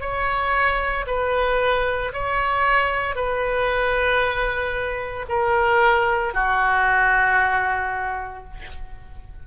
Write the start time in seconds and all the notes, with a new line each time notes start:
0.00 C#5
1.07 B4
2.13 C#5
3.15 B4
5.28 A#4
6.33 F#4